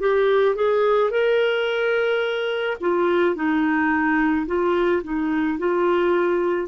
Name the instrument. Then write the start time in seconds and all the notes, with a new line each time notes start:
clarinet
0.00 G4
0.56 G#4
1.11 A#4
2.81 F4
3.35 D#4
4.46 F4
5.04 D#4
5.59 F4